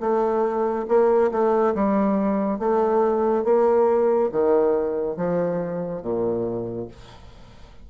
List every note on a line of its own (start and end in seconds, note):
0.00 0.86 A3
0.88 1.31 A#3
1.31 1.74 A3
1.75 2.59 G3
2.59 3.44 A3
3.44 4.30 A#3
4.31 5.17 D#3
5.17 6.02 F3
6.02 6.88 A#2